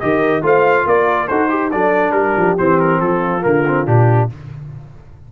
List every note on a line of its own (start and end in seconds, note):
0.00 0.43 D#3
0.00 0.43 G4
0.00 0.44 A#4
0.00 0.43 D#5
0.43 0.86 A3
0.43 1.28 F4
0.43 0.87 C5
0.43 0.88 F5
0.87 1.29 A#3
0.87 1.28 A#4
0.87 1.28 D5
1.28 1.73 D#4
1.28 1.50 F#4
1.28 1.50 A4
1.28 1.71 C5
1.50 1.71 G4
1.50 1.73 G4
1.72 2.12 F#3
1.72 2.58 D4
1.72 2.15 A4
1.72 2.12 D5
2.12 2.33 G3
2.12 3.02 G4
2.12 2.55 A#4
2.37 2.58 F3
2.58 3.01 E3
2.58 3.42 C4
2.58 2.80 C5
2.80 3.01 A#4
3.01 3.44 F3
3.01 4.32 F4
3.01 3.43 A4
3.42 3.87 D3
3.42 3.63 A#3
3.42 3.87 A#4
3.67 3.87 C4
3.87 4.30 A#2
3.87 4.29 D4
3.87 4.30 G4